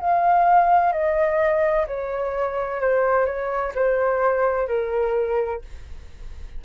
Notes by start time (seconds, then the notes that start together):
0.00 F5
0.92 D#5
1.87 C#5
2.81 C5
3.26 C#5
3.75 C5
4.68 A#4